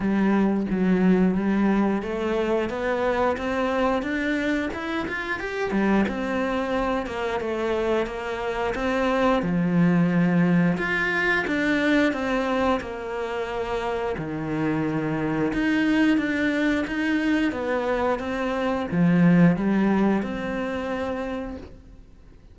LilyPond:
\new Staff \with { instrumentName = "cello" } { \time 4/4 \tempo 4 = 89 g4 fis4 g4 a4 | b4 c'4 d'4 e'8 f'8 | g'8 g8 c'4. ais8 a4 | ais4 c'4 f2 |
f'4 d'4 c'4 ais4~ | ais4 dis2 dis'4 | d'4 dis'4 b4 c'4 | f4 g4 c'2 | }